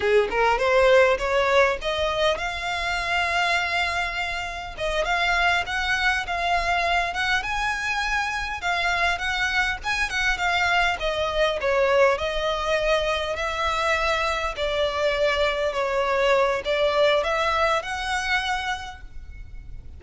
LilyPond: \new Staff \with { instrumentName = "violin" } { \time 4/4 \tempo 4 = 101 gis'8 ais'8 c''4 cis''4 dis''4 | f''1 | dis''8 f''4 fis''4 f''4. | fis''8 gis''2 f''4 fis''8~ |
fis''8 gis''8 fis''8 f''4 dis''4 cis''8~ | cis''8 dis''2 e''4.~ | e''8 d''2 cis''4. | d''4 e''4 fis''2 | }